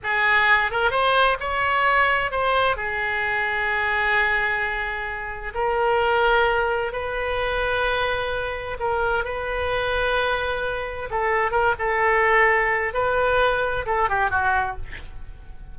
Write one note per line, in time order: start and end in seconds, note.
0.03 0.71 G#4
0.71 0.90 A#4
0.90 1.37 C5
1.40 2.31 C#5
2.31 2.76 C5
2.76 5.53 G#4
5.54 6.92 A#4
6.92 8.77 B4
8.79 9.24 A#4
9.24 11.09 B4
11.10 11.51 A4
11.51 11.74 A#4
11.78 12.93 A4
12.93 13.85 B4
13.86 14.09 A4
14.09 14.30 G4
14.30 14.76 F#4